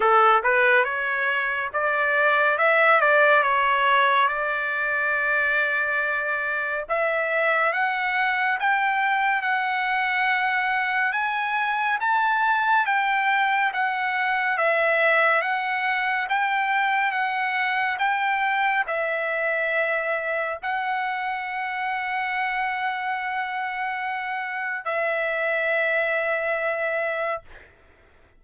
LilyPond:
\new Staff \with { instrumentName = "trumpet" } { \time 4/4 \tempo 4 = 70 a'8 b'8 cis''4 d''4 e''8 d''8 | cis''4 d''2. | e''4 fis''4 g''4 fis''4~ | fis''4 gis''4 a''4 g''4 |
fis''4 e''4 fis''4 g''4 | fis''4 g''4 e''2 | fis''1~ | fis''4 e''2. | }